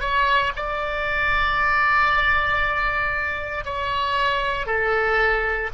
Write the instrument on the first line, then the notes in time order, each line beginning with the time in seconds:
oboe
0.00 C#5
0.55 D5
3.64 C#5
4.66 A4